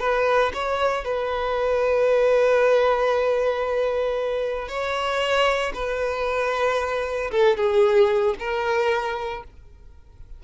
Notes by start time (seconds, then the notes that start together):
0.00 B4
0.54 C#5
1.05 B4
4.69 C#5
5.74 B4
7.32 A4
7.57 G#4
8.40 A#4